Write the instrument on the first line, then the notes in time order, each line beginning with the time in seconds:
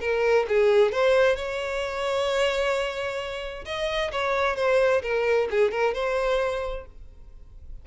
violin
0.00 A#4
0.48 G#4
0.92 C5
1.36 C#5
3.65 D#5
4.12 C#5
4.56 C5
5.02 A#4
5.50 G#4
5.71 A#4
5.94 C5